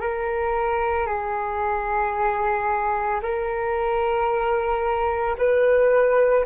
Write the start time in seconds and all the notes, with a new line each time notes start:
0.00 A#4
1.06 G#4
3.22 A#4
5.38 B4